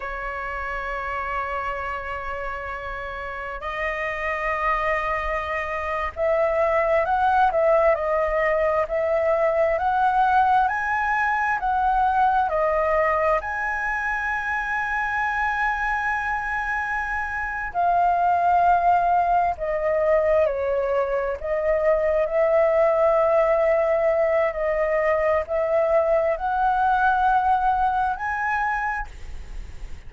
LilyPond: \new Staff \with { instrumentName = "flute" } { \time 4/4 \tempo 4 = 66 cis''1 | dis''2~ dis''8. e''4 fis''16~ | fis''16 e''8 dis''4 e''4 fis''4 gis''16~ | gis''8. fis''4 dis''4 gis''4~ gis''16~ |
gis''2.~ gis''8 f''8~ | f''4. dis''4 cis''4 dis''8~ | dis''8 e''2~ e''8 dis''4 | e''4 fis''2 gis''4 | }